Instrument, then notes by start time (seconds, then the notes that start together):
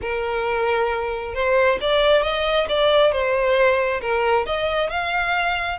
violin
0.01 A#4
1.34 C5
1.80 D5
2.22 D#5
2.68 D5
3.12 C5
4.01 A#4
4.45 D#5
4.90 F5